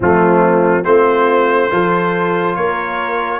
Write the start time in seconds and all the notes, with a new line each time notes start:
0.00 F3 A3 C4 F4
0.84 A3 C4 F4 C5
1.70 F3 F4 A4
2.55 A#3 A#4 C#5